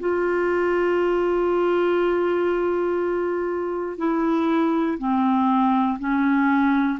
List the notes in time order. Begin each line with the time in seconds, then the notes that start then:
0.00 F4
3.98 E4
4.98 C4
6.00 C#4